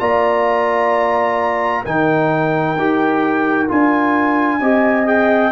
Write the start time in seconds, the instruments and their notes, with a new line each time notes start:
0.00 tuba A#3, trombone F4, horn D5, trumpet A#5
1.85 tuba D#3, trombone D#4, horn A#4, trumpet G5
2.77 tuba D#4, trombone G4
3.69 tuba D4, trombone F4, trumpet G#5
4.60 tuba C4, trombone G4, horn D#5
5.06 trombone G#4, trumpet G5